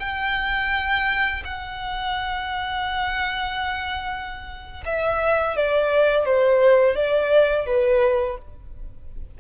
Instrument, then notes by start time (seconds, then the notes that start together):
violin
0.00 G5
1.44 F#5
4.85 E5
5.56 D5
6.25 C5
6.95 D5
7.67 B4